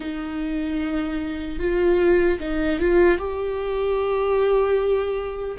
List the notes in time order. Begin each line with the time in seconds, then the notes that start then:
0.00 D#4
1.59 F4
2.39 D#4
2.79 F4
3.18 G4